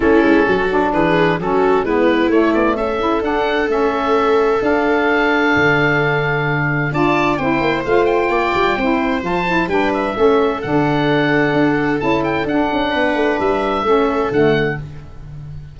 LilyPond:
<<
  \new Staff \with { instrumentName = "oboe" } { \time 4/4 \tempo 4 = 130 a'2 b'4 a'4 | b'4 cis''8 d''8 e''4 fis''4 | e''2 f''2~ | f''2. a''4 |
g''4 f''8 g''2~ g''8 | a''4 g''8 e''4. fis''4~ | fis''2 a''8 g''8 fis''4~ | fis''4 e''2 fis''4 | }
  \new Staff \with { instrumentName = "viola" } { \time 4/4 e'4 fis'4 gis'4 fis'4 | e'2 a'2~ | a'1~ | a'2. d''4 |
c''2 d''4 c''4~ | c''4 b'4 a'2~ | a'1 | b'2 a'2 | }
  \new Staff \with { instrumentName = "saxophone" } { \time 4/4 cis'4. d'4. cis'4 | b4 a4. e'8 d'4 | cis'2 d'2~ | d'2. f'4 |
e'4 f'2 e'4 | f'8 e'8 d'4 cis'4 d'4~ | d'2 e'4 d'4~ | d'2 cis'4 a4 | }
  \new Staff \with { instrumentName = "tuba" } { \time 4/4 a8 gis8 fis4 e4 fis4 | gis4 a8 b8 cis'4 d'4 | a2 d'2 | d2. d'4 |
c'8 ais8 a4 ais8 g8 c'4 | f4 g4 a4 d4~ | d4 d'4 cis'4 d'8 cis'8 | b8 a8 g4 a4 d4 | }
>>